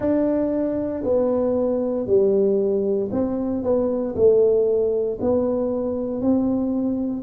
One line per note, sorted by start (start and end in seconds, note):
0.00 1.03 D4
1.03 2.06 B3
2.06 3.10 G3
3.11 3.63 C4
3.63 4.14 B3
4.15 5.18 A3
5.20 6.21 B3
6.21 7.22 C4